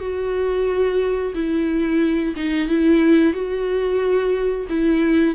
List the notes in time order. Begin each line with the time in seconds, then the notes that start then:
0.00 F#4
1.35 E4
2.36 D#4
2.68 E4
3.34 F#4
4.69 E4